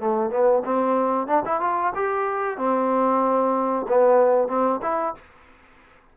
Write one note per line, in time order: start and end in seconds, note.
0.00 0.30 A3
0.30 0.63 B3
0.65 1.27 C4
1.27 1.43 D4
1.45 1.61 E4
1.61 1.93 F4
1.95 2.57 G4
2.57 3.87 C4
3.89 4.48 B3
4.48 4.80 C4
4.82 5.15 E4